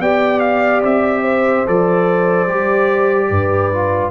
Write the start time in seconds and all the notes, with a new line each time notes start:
0.00 B3 G4 D5 G5
0.40 F5
0.83 C4 E5
1.23 C5
1.66 F3 A4 D5
2.48 G3 G4
3.30 G2 B4
3.72 F4